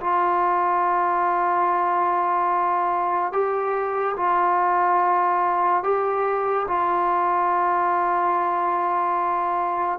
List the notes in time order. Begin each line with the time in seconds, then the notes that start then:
0.00 F4
3.33 G4
4.17 F4
5.83 G4
6.68 F4